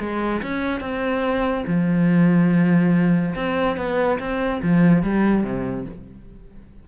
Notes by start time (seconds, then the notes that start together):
0.00 G#3
0.42 C#4
0.81 C4
1.67 F3
3.36 C4
3.77 B3
4.19 C4
4.63 F3
5.03 G3
5.44 C3